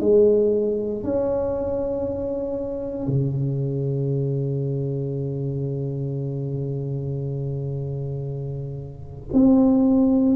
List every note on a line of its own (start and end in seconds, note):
0.00 1.03 G#3
1.03 3.07 C#4
3.07 9.28 C#3
9.32 10.35 C4